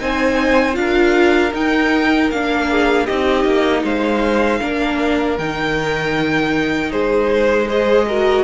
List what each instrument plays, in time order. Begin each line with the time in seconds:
0.00 cello C4, viola D#4, violin C5 G#5
0.74 cello D4, viola F4, violin F5
0.80 violin A#4
1.53 viola D#4, cello D#4, violin G5
2.31 cello A#3, viola D4, violin F5
2.71 violin G#4
3.07 cello C4, viola D#4, violin G4 D#5
3.45 cello A#3
3.84 cello G#3, violin C5 F5
4.61 cello A#3, viola D4, violin A#4
5.39 cello D#3, viola D#4, violin G5
6.92 cello G#3, violin G#4 C5
7.68 viola G#4, violin C5 D#5
8.08 viola F#4, violin A#4